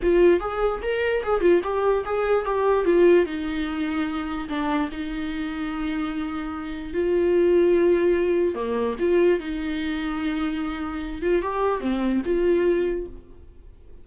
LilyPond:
\new Staff \with { instrumentName = "viola" } { \time 4/4 \tempo 4 = 147 f'4 gis'4 ais'4 gis'8 f'8 | g'4 gis'4 g'4 f'4 | dis'2. d'4 | dis'1~ |
dis'4 f'2.~ | f'4 ais4 f'4 dis'4~ | dis'2.~ dis'8 f'8 | g'4 c'4 f'2 | }